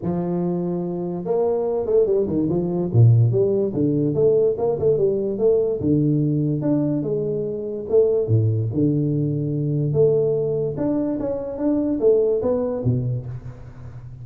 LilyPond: \new Staff \with { instrumentName = "tuba" } { \time 4/4 \tempo 4 = 145 f2. ais4~ | ais8 a8 g8 dis8 f4 ais,4 | g4 d4 a4 ais8 a8 | g4 a4 d2 |
d'4 gis2 a4 | a,4 d2. | a2 d'4 cis'4 | d'4 a4 b4 b,4 | }